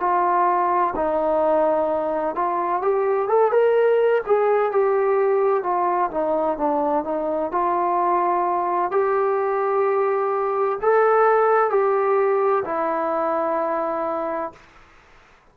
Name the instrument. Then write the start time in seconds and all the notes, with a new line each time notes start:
trombone
0.00 F4
0.95 D#4
2.35 F4
2.82 G4
3.28 A4
3.52 A#4
4.27 G#4
4.72 G4
5.63 F4
6.11 D#4
6.58 D4
7.04 D#4
7.52 F4
8.91 G4
10.82 A4
11.70 G4
12.65 E4